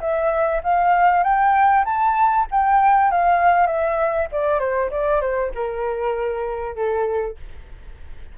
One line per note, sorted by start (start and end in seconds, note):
0.00 0.61 E5
0.63 1.23 F5
1.23 1.84 G5
1.85 2.46 A5
2.51 3.11 G5
3.11 3.67 F5
3.67 4.28 E5
4.32 4.59 D5
4.59 4.90 C5
4.90 5.21 D5
5.21 5.51 C5
5.54 6.75 A#4
6.75 7.36 A4